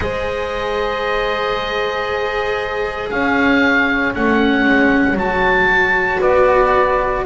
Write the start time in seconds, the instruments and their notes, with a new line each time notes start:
0.00 double bass G#3, cello G#4, horn C5, oboe D#5
3.10 double bass C#4, horn C#5, oboe F5
4.14 double bass A3, cello C#4, oboe F#5
4.64 double bass G#3
5.13 double bass F#3, cello F#4, oboe A5
6.19 double bass B3, horn B4, oboe D5